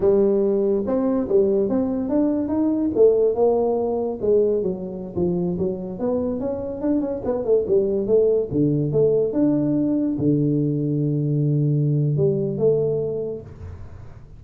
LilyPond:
\new Staff \with { instrumentName = "tuba" } { \time 4/4 \tempo 4 = 143 g2 c'4 g4 | c'4 d'4 dis'4 a4 | ais2 gis4 fis4~ | fis16 f4 fis4 b4 cis'8.~ |
cis'16 d'8 cis'8 b8 a8 g4 a8.~ | a16 d4 a4 d'4.~ d'16~ | d'16 d2.~ d8.~ | d4 g4 a2 | }